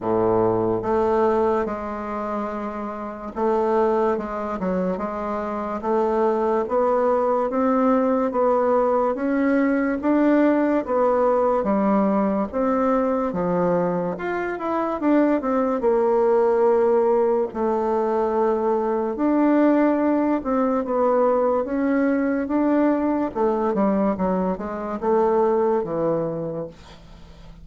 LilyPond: \new Staff \with { instrumentName = "bassoon" } { \time 4/4 \tempo 4 = 72 a,4 a4 gis2 | a4 gis8 fis8 gis4 a4 | b4 c'4 b4 cis'4 | d'4 b4 g4 c'4 |
f4 f'8 e'8 d'8 c'8 ais4~ | ais4 a2 d'4~ | d'8 c'8 b4 cis'4 d'4 | a8 g8 fis8 gis8 a4 e4 | }